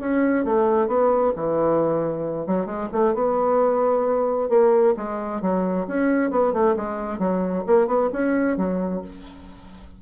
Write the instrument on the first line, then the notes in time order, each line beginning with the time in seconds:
bassoon
0.00 C#4
0.45 A3
0.88 B3
1.36 E3
2.47 F#3
2.66 G#3
2.92 A3
3.15 B3
4.49 A#3
4.97 G#3
5.42 F#3
5.88 C#4
6.31 B3
6.53 A3
6.76 G#3
7.19 F#3
7.67 A#3
7.87 B3
8.13 C#4
8.57 F#3